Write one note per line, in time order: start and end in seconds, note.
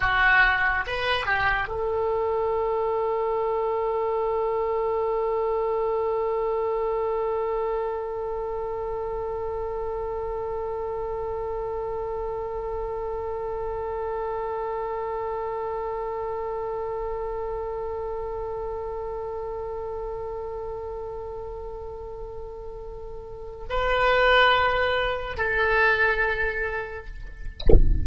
0.00 0.84 F#4
0.86 1.26 B4
1.26 1.68 G4
1.68 23.65 A4
23.69 25.37 B4
25.37 27.06 A4